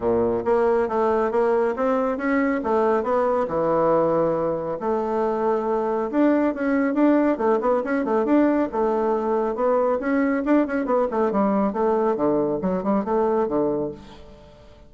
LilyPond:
\new Staff \with { instrumentName = "bassoon" } { \time 4/4 \tempo 4 = 138 ais,4 ais4 a4 ais4 | c'4 cis'4 a4 b4 | e2. a4~ | a2 d'4 cis'4 |
d'4 a8 b8 cis'8 a8 d'4 | a2 b4 cis'4 | d'8 cis'8 b8 a8 g4 a4 | d4 fis8 g8 a4 d4 | }